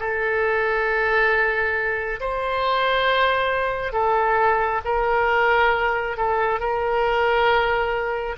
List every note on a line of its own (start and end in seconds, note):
0.00 2.21 A4
2.21 3.93 C5
3.93 4.81 A4
4.85 6.17 A#4
6.17 6.60 A4
6.60 8.37 A#4